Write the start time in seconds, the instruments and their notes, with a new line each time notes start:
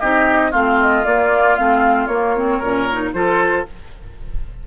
0.00 bassoon C4, clarinet D#4, oboe G4, flute D#5
0.51 bassoon A3, clarinet C4, oboe F4, flute F5
0.81 flute D#5
1.05 bassoon A#3, clarinet A#3, flute D5
1.56 bassoon A3, clarinet C4, flute F5
2.07 bassoon A#3, clarinet A#3, flute C#5
2.36 clarinet C4
2.58 bassoon A#2, clarinet C#4, oboe A#4
2.93 clarinet D#4
3.13 bassoon F3, clarinet F4, oboe A4, flute C5